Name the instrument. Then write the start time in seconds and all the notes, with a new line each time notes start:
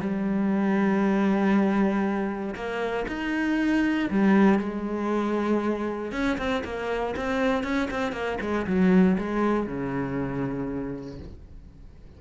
cello
0.00 G3
2.55 A#3
3.08 D#4
4.10 G3
4.59 G#3
6.12 C#4
6.37 C4
6.64 A#3
7.16 C4
7.63 C#4
7.90 C4
8.12 A#3
8.41 G#3
8.66 F#3
9.18 G#3
9.66 C#3